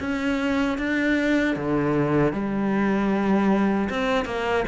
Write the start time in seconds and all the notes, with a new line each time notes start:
0.00 C#4
0.78 D4
1.56 D3
2.33 G3
3.90 C4
4.25 A#3